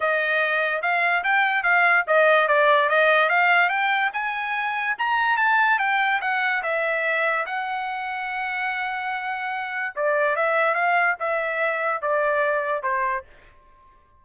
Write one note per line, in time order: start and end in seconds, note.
0.00 0.82 D#5
0.82 1.23 F5
1.23 1.63 G5
1.63 2.04 F5
2.07 2.48 D#5
2.48 2.89 D5
2.89 3.29 D#5
3.29 3.69 F5
3.69 4.10 G5
4.13 4.96 G#5
4.98 5.37 A#5
5.37 5.78 A5
5.78 6.20 G5
6.21 6.62 F#5
6.63 7.45 E5
7.46 9.94 F#5
9.95 10.36 D5
10.36 10.74 E5
10.74 11.15 F5
11.19 12.01 E5
12.01 12.82 D5
12.82 13.24 C5